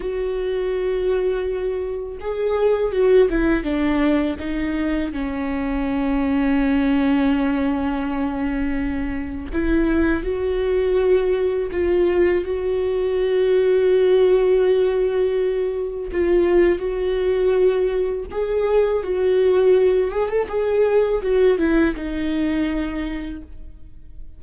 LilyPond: \new Staff \with { instrumentName = "viola" } { \time 4/4 \tempo 4 = 82 fis'2. gis'4 | fis'8 e'8 d'4 dis'4 cis'4~ | cis'1~ | cis'4 e'4 fis'2 |
f'4 fis'2.~ | fis'2 f'4 fis'4~ | fis'4 gis'4 fis'4. gis'16 a'16 | gis'4 fis'8 e'8 dis'2 | }